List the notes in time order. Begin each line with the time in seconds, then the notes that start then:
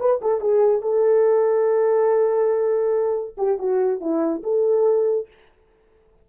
0.00 B4
0.22 A4
0.41 G#4
0.82 A4
3.38 G4
3.59 F#4
4.01 E4
4.43 A4